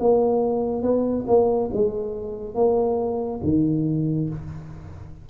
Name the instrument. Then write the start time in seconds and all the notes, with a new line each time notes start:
tuba
0.00 A#3
0.83 B3
1.27 A#3
1.73 G#3
2.55 A#3
3.44 D#3